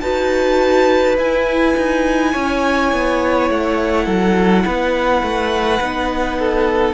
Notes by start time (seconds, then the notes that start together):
0.00 D#4 F#4 B4 A5
1.17 E4 G#5
1.76 D#4
2.32 C#4 C#5
2.93 B3
3.50 A3 F#5
4.05 F#3 A4
4.65 B3 B4
5.22 A3
5.81 B3 D#4
6.39 A4